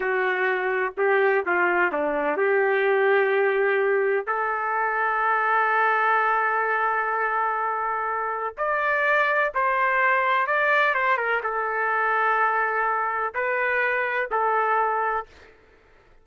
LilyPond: \new Staff \with { instrumentName = "trumpet" } { \time 4/4 \tempo 4 = 126 fis'2 g'4 f'4 | d'4 g'2.~ | g'4 a'2.~ | a'1~ |
a'2 d''2 | c''2 d''4 c''8 ais'8 | a'1 | b'2 a'2 | }